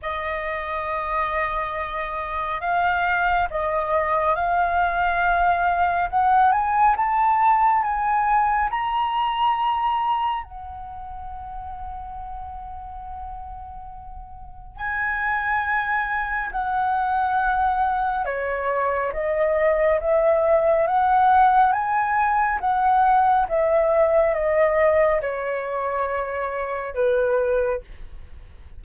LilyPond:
\new Staff \with { instrumentName = "flute" } { \time 4/4 \tempo 4 = 69 dis''2. f''4 | dis''4 f''2 fis''8 gis''8 | a''4 gis''4 ais''2 | fis''1~ |
fis''4 gis''2 fis''4~ | fis''4 cis''4 dis''4 e''4 | fis''4 gis''4 fis''4 e''4 | dis''4 cis''2 b'4 | }